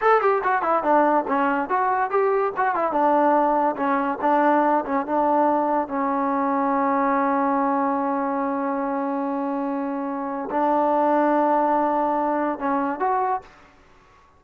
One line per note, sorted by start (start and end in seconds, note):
0.01 0.21 A4
0.21 0.42 G4
0.43 0.62 F#4
0.62 0.83 E4
0.83 1.25 D4
1.27 1.69 C#4
1.69 2.10 F#4
2.10 2.52 G4
2.57 2.75 F#4
2.75 2.91 E4
2.91 3.75 D4
3.76 4.18 C#4
4.21 4.84 D4
4.85 5.06 C#4
5.06 5.88 D4
5.88 10.49 C#4
10.50 12.59 D4
12.59 12.99 C#4
12.99 13.41 F#4